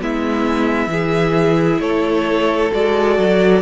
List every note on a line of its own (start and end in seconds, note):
0.00 0.87 G#3
0.00 0.89 B3
0.00 0.91 E4
0.00 1.81 E5
0.87 1.78 E3
0.87 2.71 E4
0.87 1.82 G#4
1.80 2.71 A3
1.80 3.62 A4
1.80 2.72 C#5
2.72 3.19 G#3
2.72 3.62 F#4
2.72 3.62 D5
3.19 3.62 F#3